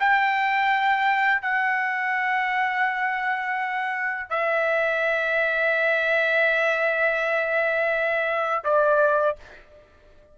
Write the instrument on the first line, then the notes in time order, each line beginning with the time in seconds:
trumpet
0.00 G5
1.42 F#5
4.30 E5
8.64 D5